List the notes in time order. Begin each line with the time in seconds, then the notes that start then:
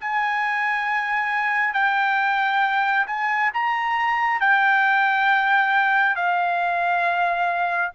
0.00 G#5
1.74 G5
3.06 G#5
3.54 A#5
4.40 G5
6.16 F5